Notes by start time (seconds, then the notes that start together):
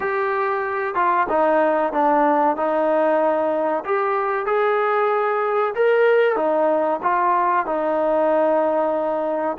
0.00 G4
0.95 F4
1.29 D#4
1.92 D4
2.56 D#4
3.84 G4
4.46 G#4
5.75 A#4
6.36 D#4
7.02 F4
7.65 D#4